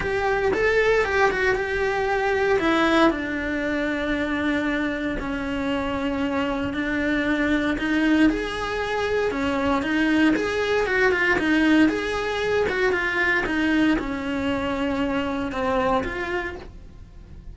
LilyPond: \new Staff \with { instrumentName = "cello" } { \time 4/4 \tempo 4 = 116 g'4 a'4 g'8 fis'8 g'4~ | g'4 e'4 d'2~ | d'2 cis'2~ | cis'4 d'2 dis'4 |
gis'2 cis'4 dis'4 | gis'4 fis'8 f'8 dis'4 gis'4~ | gis'8 fis'8 f'4 dis'4 cis'4~ | cis'2 c'4 f'4 | }